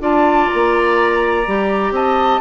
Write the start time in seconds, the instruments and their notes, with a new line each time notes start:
0.00 bassoon D4, clarinet F4, oboe D5, flute A5
0.49 bassoon A#3, flute A#5
1.47 bassoon G3, clarinet G4
1.91 bassoon C4, oboe D#5, flute A5